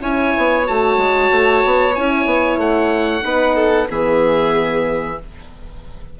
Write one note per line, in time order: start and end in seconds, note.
0.00 0.33 C#4
0.00 0.65 E4
0.00 3.24 C#5
0.00 0.67 G#5
0.37 0.69 B3
0.65 0.97 A3
0.65 1.94 F#4
0.65 1.95 A5
0.97 1.29 G#3
1.31 1.63 A3
1.65 1.97 B3
1.95 2.25 C#4
1.95 3.23 E4
1.95 2.59 G#5
2.25 2.57 B3
2.57 3.22 A3
2.57 3.89 F#5
3.23 3.89 B3
3.23 3.87 D#4
3.23 3.55 B4
3.55 3.88 A4
3.90 5.20 E3
3.90 5.19 B3
3.90 5.19 G#4
3.90 5.20 E5